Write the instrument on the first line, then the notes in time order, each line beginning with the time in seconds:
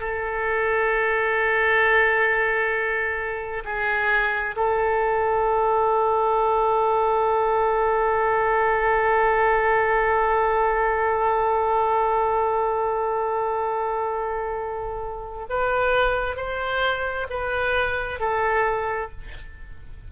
oboe
0.00 A4
3.65 G#4
4.56 A4
15.50 B4
16.36 C5
17.30 B4
18.20 A4